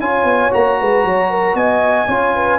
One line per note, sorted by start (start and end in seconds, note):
0.00 0.24 C#4
0.00 0.51 F4
0.00 0.80 C#5
0.00 0.52 G#5
0.24 0.50 B3
0.51 0.81 A#3
0.51 2.07 F#4
0.51 1.56 A#5
0.80 1.05 G#3
0.80 1.05 B4
1.05 1.54 F#3
1.05 1.30 C#5
1.30 1.56 A#4
1.54 2.07 B3
1.54 2.08 D#5
1.54 2.59 G#5
2.08 2.59 C#4
2.08 2.59 F4
2.08 2.34 C#5
2.34 2.59 B4